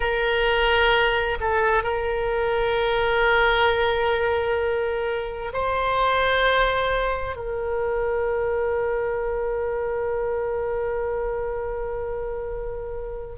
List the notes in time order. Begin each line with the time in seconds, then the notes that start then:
0.00 A#4
1.40 A4
1.83 A#4
5.53 C5
7.36 A#4